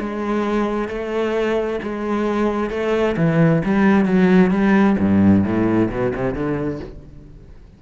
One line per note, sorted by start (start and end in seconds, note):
0.00 0.89 G#3
0.89 1.80 A3
1.83 2.70 G#3
2.70 3.16 A3
3.17 3.63 E3
3.65 4.06 G3
4.06 4.51 F#3
4.51 4.97 G3
4.99 5.44 G2
5.44 5.90 A2
5.90 6.13 B2
6.15 6.35 C3
6.35 6.80 D3